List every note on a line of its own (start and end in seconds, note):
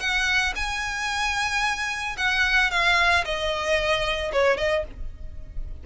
0.00 0.54 F#5
0.56 2.16 G#5
2.17 2.71 F#5
2.71 3.24 F5
3.25 4.32 D#5
4.32 4.57 C#5
4.57 4.84 D#5